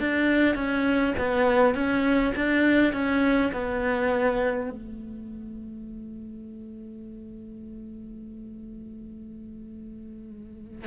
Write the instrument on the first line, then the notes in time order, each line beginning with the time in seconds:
cello
0.00 D4
0.56 C#4
1.19 B3
1.75 C#4
2.36 D4
2.94 C#4
3.53 B3
4.71 A3